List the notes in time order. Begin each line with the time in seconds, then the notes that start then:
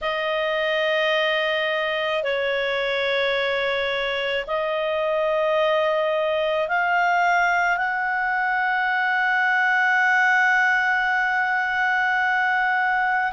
0.01 D#5
2.23 C#5
4.46 D#5
6.68 F5
7.77 F#5